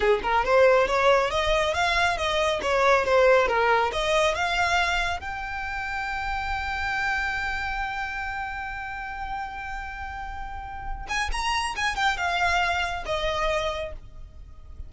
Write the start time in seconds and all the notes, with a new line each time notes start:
0.00 G#4
0.23 A#4
0.44 C5
0.87 C#5
1.30 D#5
1.74 F5
2.17 D#5
2.62 C#5
3.05 C5
3.47 A#4
3.92 D#5
4.34 F5
5.20 G5
11.08 G#5
11.31 A#5
11.76 G#5
11.95 G5
12.17 F5
13.05 D#5